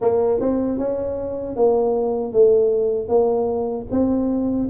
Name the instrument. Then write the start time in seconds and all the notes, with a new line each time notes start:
tuba
0.01 A#3
0.40 C4
0.78 C#4
1.55 A#3
2.32 A3
3.08 A#3
3.91 C4